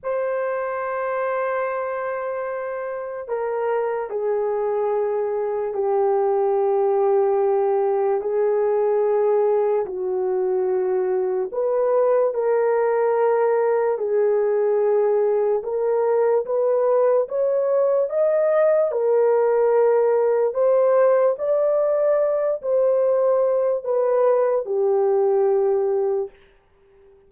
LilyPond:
\new Staff \with { instrumentName = "horn" } { \time 4/4 \tempo 4 = 73 c''1 | ais'4 gis'2 g'4~ | g'2 gis'2 | fis'2 b'4 ais'4~ |
ais'4 gis'2 ais'4 | b'4 cis''4 dis''4 ais'4~ | ais'4 c''4 d''4. c''8~ | c''4 b'4 g'2 | }